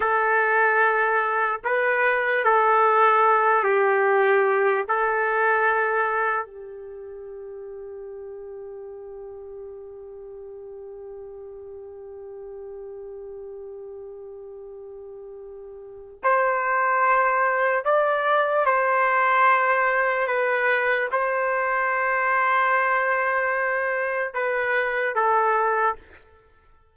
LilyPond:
\new Staff \with { instrumentName = "trumpet" } { \time 4/4 \tempo 4 = 74 a'2 b'4 a'4~ | a'8 g'4. a'2 | g'1~ | g'1~ |
g'1 | c''2 d''4 c''4~ | c''4 b'4 c''2~ | c''2 b'4 a'4 | }